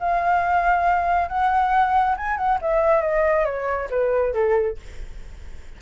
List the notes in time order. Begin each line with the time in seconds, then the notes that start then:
0.00 F5
1.28 F#5
2.17 G#5
2.37 F#5
2.61 E5
3.01 D#5
3.45 C#5
3.90 B4
4.34 A4